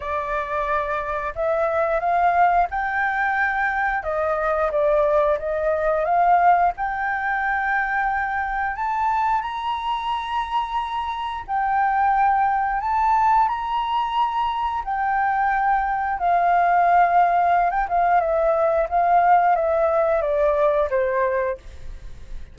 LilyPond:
\new Staff \with { instrumentName = "flute" } { \time 4/4 \tempo 4 = 89 d''2 e''4 f''4 | g''2 dis''4 d''4 | dis''4 f''4 g''2~ | g''4 a''4 ais''2~ |
ais''4 g''2 a''4 | ais''2 g''2 | f''2~ f''16 g''16 f''8 e''4 | f''4 e''4 d''4 c''4 | }